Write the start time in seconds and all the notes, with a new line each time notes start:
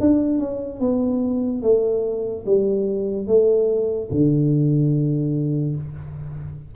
0.00 D4
0.39 C#4
0.80 B3
1.62 A3
2.45 G3
3.27 A3
4.11 D3